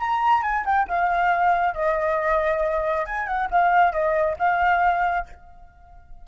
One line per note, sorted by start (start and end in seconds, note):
0.00 0.43 A#5
0.43 0.65 G#5
0.66 0.88 G5
0.88 1.75 F5
1.75 3.06 D#5
3.06 3.27 G#5
3.27 3.49 F#5
3.51 3.93 F5
3.93 4.37 D#5
4.39 5.27 F5